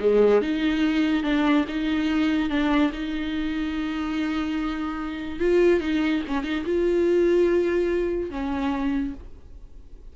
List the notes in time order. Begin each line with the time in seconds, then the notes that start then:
0.00 G#3
0.42 D#4
1.23 D4
1.68 D#4
2.50 D4
2.93 D#4
5.40 F4
5.81 D#4
6.28 C#4
6.44 D#4
6.65 F4
8.31 C#4